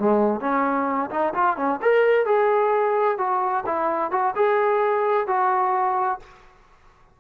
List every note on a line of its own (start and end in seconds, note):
0.00 0.41 G#3
0.41 1.10 C#4
1.11 1.34 D#4
1.34 1.57 F4
1.57 1.80 C#4
1.82 2.26 A#4
2.26 3.18 G#4
3.18 3.65 F#4
3.66 4.12 E4
4.12 4.35 F#4
4.36 5.27 G#4
5.27 6.20 F#4